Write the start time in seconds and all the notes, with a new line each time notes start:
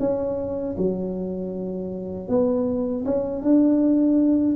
0.00 C#4
0.78 F#3
2.29 B3
3.05 C#4
3.42 D4